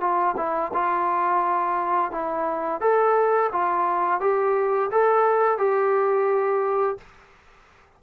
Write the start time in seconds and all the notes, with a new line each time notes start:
0.00 F4
0.36 E4
0.73 F4
2.11 E4
2.80 A4
3.52 F4
4.20 G4
4.91 A4
5.58 G4